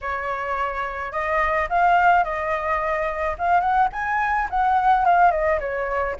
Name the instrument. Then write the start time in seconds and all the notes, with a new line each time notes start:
flute
0.01 C#5
1.12 D#5
1.69 F5
2.24 D#5
3.38 F5
3.60 F#5
3.92 G#5
4.50 F#5
5.05 F5
5.31 D#5
5.60 C#5